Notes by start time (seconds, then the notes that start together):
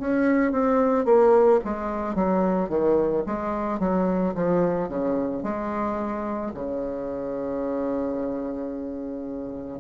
0.00 C#4
0.52 C4
1.06 A#3
1.65 G#3
2.15 F#3
2.69 D#3
3.26 G#3
3.80 F#3
4.35 F3
4.89 C#3
5.43 G#3
6.55 C#3